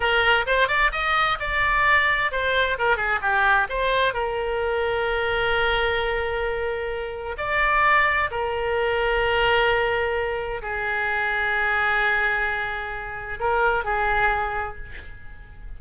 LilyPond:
\new Staff \with { instrumentName = "oboe" } { \time 4/4 \tempo 4 = 130 ais'4 c''8 d''8 dis''4 d''4~ | d''4 c''4 ais'8 gis'8 g'4 | c''4 ais'2.~ | ais'1 |
d''2 ais'2~ | ais'2. gis'4~ | gis'1~ | gis'4 ais'4 gis'2 | }